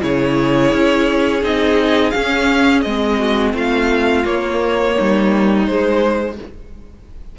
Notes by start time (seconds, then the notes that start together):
0.00 C#3 E4 G#4 C#5
0.72 C#4
1.42 C4 D#4 D#5
2.10 C#4 F5
2.82 G#3 C4 D#5
3.18 F#4
3.54 A3 F4 F5
4.25 A#3 C#5
4.94 D#4
5.00 G3
5.66 G#3 C5